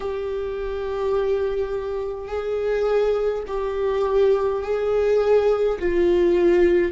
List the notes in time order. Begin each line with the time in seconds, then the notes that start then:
0.00 G4
2.28 G#4
3.47 G4
4.63 G#4
5.79 F4